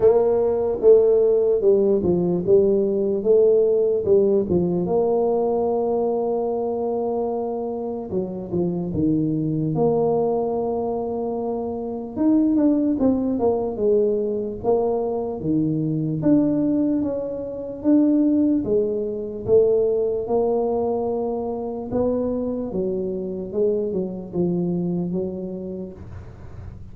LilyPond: \new Staff \with { instrumentName = "tuba" } { \time 4/4 \tempo 4 = 74 ais4 a4 g8 f8 g4 | a4 g8 f8 ais2~ | ais2 fis8 f8 dis4 | ais2. dis'8 d'8 |
c'8 ais8 gis4 ais4 dis4 | d'4 cis'4 d'4 gis4 | a4 ais2 b4 | fis4 gis8 fis8 f4 fis4 | }